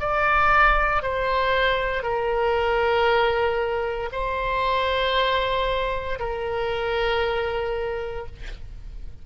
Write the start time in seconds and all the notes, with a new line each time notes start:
0.00 D5
1.03 C5
2.03 A#4
4.12 C5
6.20 A#4